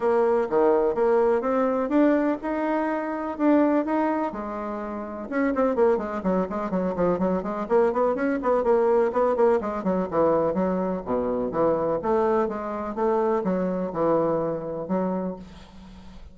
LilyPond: \new Staff \with { instrumentName = "bassoon" } { \time 4/4 \tempo 4 = 125 ais4 dis4 ais4 c'4 | d'4 dis'2 d'4 | dis'4 gis2 cis'8 c'8 | ais8 gis8 fis8 gis8 fis8 f8 fis8 gis8 |
ais8 b8 cis'8 b8 ais4 b8 ais8 | gis8 fis8 e4 fis4 b,4 | e4 a4 gis4 a4 | fis4 e2 fis4 | }